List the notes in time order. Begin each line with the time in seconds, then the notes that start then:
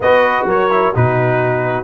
0.00 B3 F#4 B4 D#5
0.44 F#3 A#4 C#5
0.70 E4
0.93 B2 D#4 F#4 B4